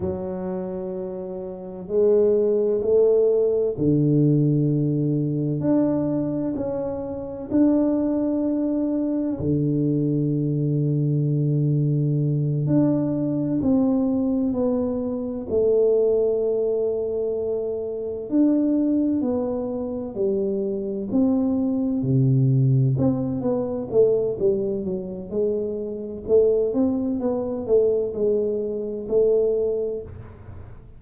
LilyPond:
\new Staff \with { instrumentName = "tuba" } { \time 4/4 \tempo 4 = 64 fis2 gis4 a4 | d2 d'4 cis'4 | d'2 d2~ | d4. d'4 c'4 b8~ |
b8 a2. d'8~ | d'8 b4 g4 c'4 c8~ | c8 c'8 b8 a8 g8 fis8 gis4 | a8 c'8 b8 a8 gis4 a4 | }